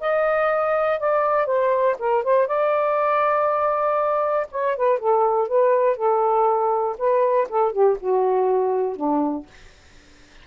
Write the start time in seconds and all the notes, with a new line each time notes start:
0.00 D#5
1.00 D5
1.46 C5
1.99 A#4
2.23 C5
2.47 D5
4.51 C#5
4.76 B4
4.99 A4
5.48 B4
5.96 A4
6.98 B4
7.49 A4
7.72 G4
8.00 F#4
8.96 D4